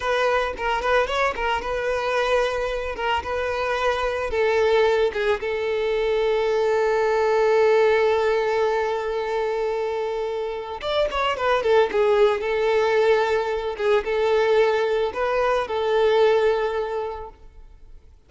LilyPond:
\new Staff \with { instrumentName = "violin" } { \time 4/4 \tempo 4 = 111 b'4 ais'8 b'8 cis''8 ais'8 b'4~ | b'4. ais'8 b'2 | a'4. gis'8 a'2~ | a'1~ |
a'1 | d''8 cis''8 b'8 a'8 gis'4 a'4~ | a'4. gis'8 a'2 | b'4 a'2. | }